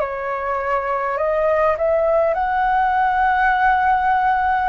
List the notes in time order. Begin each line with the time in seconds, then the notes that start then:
0.00 C#5
1.18 D#5
1.78 E5
2.34 F#5